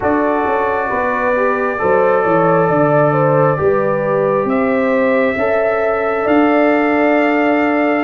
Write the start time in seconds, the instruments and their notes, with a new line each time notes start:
0.00 tuba D4, trombone F#4, horn A4, trumpet D5
0.46 tuba C#4
0.88 tuba B3, horn B4
1.35 trombone G4
1.78 tuba F#3, trombone A4, horn C5
2.23 tuba E3, horn C#5
2.68 tuba D3, horn D5
3.12 horn C5
3.56 tuba G3, trombone G4, horn B4
4.44 tuba C4, horn C5, trumpet E5
5.36 tuba C#4, trombone A4, horn E5
6.24 tuba D4, horn D5, trumpet F5